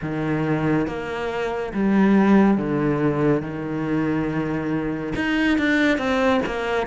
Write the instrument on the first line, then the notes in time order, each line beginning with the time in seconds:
cello
0.02 D#3
0.86 A#3
1.73 G3
2.57 D3
3.42 D#3
5.15 D#4
5.58 D4
5.98 C4
6.46 A#3